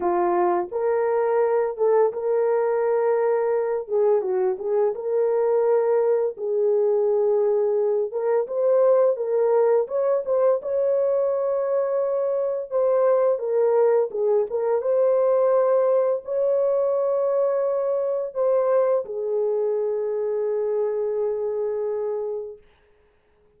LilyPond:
\new Staff \with { instrumentName = "horn" } { \time 4/4 \tempo 4 = 85 f'4 ais'4. a'8 ais'4~ | ais'4. gis'8 fis'8 gis'8 ais'4~ | ais'4 gis'2~ gis'8 ais'8 | c''4 ais'4 cis''8 c''8 cis''4~ |
cis''2 c''4 ais'4 | gis'8 ais'8 c''2 cis''4~ | cis''2 c''4 gis'4~ | gis'1 | }